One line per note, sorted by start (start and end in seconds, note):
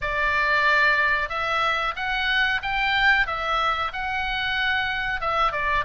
0.01 1.29 D5
1.29 1.94 E5
1.96 2.61 F#5
2.62 3.26 G5
3.26 3.92 E5
3.92 5.21 F#5
5.21 5.52 E5
5.52 5.84 D5